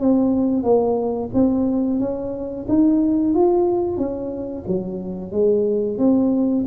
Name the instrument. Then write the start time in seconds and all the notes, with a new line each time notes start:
tuba
0.00 C4
0.63 A#3
1.34 C4
2.00 C#4
2.68 D#4
3.34 F4
3.97 C#4
4.68 F#3
5.32 G#3
5.98 C4